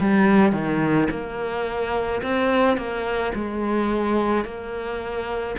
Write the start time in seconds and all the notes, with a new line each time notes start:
0.00 G3
0.52 D#3
1.11 A#3
2.22 C4
2.77 A#3
3.34 G#3
4.44 A#3